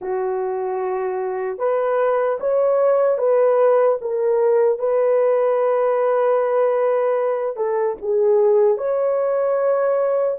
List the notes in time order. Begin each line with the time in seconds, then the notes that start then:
0.01 F#4
1.58 B4
2.40 C#5
3.17 B4
4.01 A#4
4.79 B4
7.56 A4
8.01 G#4
8.77 C#5